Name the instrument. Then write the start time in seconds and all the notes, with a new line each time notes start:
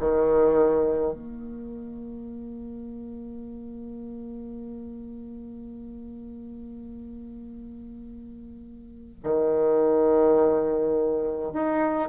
bassoon
0.00 D#3
1.14 A#3
9.24 D#3
11.53 D#4